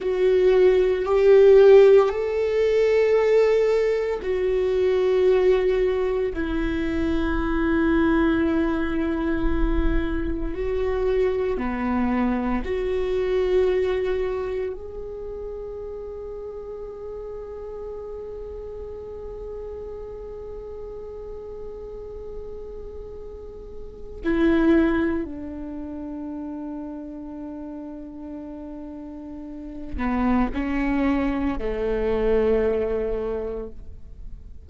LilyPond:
\new Staff \with { instrumentName = "viola" } { \time 4/4 \tempo 4 = 57 fis'4 g'4 a'2 | fis'2 e'2~ | e'2 fis'4 b4 | fis'2 gis'2~ |
gis'1~ | gis'2. e'4 | d'1~ | d'8 b8 cis'4 a2 | }